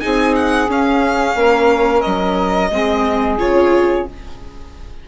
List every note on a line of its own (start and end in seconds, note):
0.00 0.68 C4
0.00 0.68 D#4
0.00 1.35 G#4
0.00 0.34 G#5
0.35 0.69 F#5
0.68 2.70 C#4
0.68 1.35 C#4
0.68 2.01 F5
1.35 2.02 A#3
1.35 2.70 A#4
2.01 2.70 F#3
2.01 3.35 D#5
2.70 3.38 G#3
2.70 3.38 C4
2.70 4.08 G#4
3.38 4.06 C#3
3.38 4.06 F4
3.38 4.06 C#5